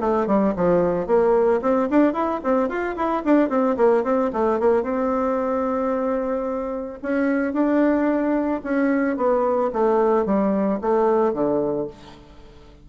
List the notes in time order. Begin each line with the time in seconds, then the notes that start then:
0.00 A3
0.27 G3
0.56 F3
1.07 A#3
1.62 C4
1.90 D4
2.14 E4
2.44 C4
2.69 F4
2.96 E4
3.25 D4
3.49 C4
3.77 A#3
4.04 C4
4.33 A3
4.60 A#3
4.83 C4
7.03 C#4
7.53 D4
8.64 C#4
9.17 B3
9.73 A3
10.26 G3
10.81 A3
11.33 D3